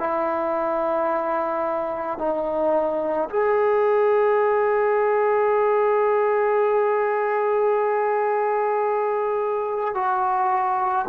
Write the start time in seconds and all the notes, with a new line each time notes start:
0.00 E4
2.19 D#4
3.30 G#4
9.95 F#4